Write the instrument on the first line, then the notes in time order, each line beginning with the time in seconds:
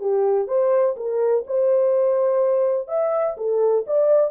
horn
0.00 G4
0.48 C5
0.96 A#4
1.47 C5
2.88 E5
3.37 A4
3.87 D5